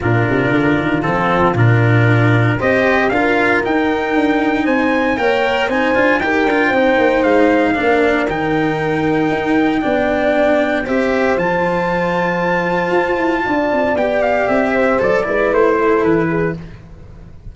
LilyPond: <<
  \new Staff \with { instrumentName = "trumpet" } { \time 4/4 \tempo 4 = 116 ais'2 a'4 ais'4~ | ais'4 dis''4 f''4 g''4~ | g''4 gis''4 g''4 gis''4 | g''2 f''2 |
g''1~ | g''4 e''4 a''2~ | a''2. g''8 f''8 | e''4 d''4 c''4 b'4 | }
  \new Staff \with { instrumentName = "horn" } { \time 4/4 f'1~ | f'4 c''4 ais'2~ | ais'4 c''4 cis''4 c''4 | ais'4 c''2 ais'4~ |
ais'2. d''4~ | d''4 c''2.~ | c''2 d''2~ | d''8 c''4 b'4 a'4 gis'8 | }
  \new Staff \with { instrumentName = "cello" } { \time 4/4 d'2 c'4 d'4~ | d'4 g'4 f'4 dis'4~ | dis'2 ais'4 dis'8 f'8 | g'8 f'8 dis'2 d'4 |
dis'2. d'4~ | d'4 g'4 f'2~ | f'2. g'4~ | g'4 a'8 e'2~ e'8 | }
  \new Staff \with { instrumentName = "tuba" } { \time 4/4 ais,8 c8 d8 dis8 f4 ais,4~ | ais,4 c'4 d'4 dis'4 | d'4 c'4 ais4 c'8 d'8 | dis'8 d'8 c'8 ais8 gis4 ais4 |
dis2 dis'4 b4~ | b4 c'4 f2~ | f4 f'8 e'8 d'8 c'8 b4 | c'4 fis8 gis8 a4 e4 | }
>>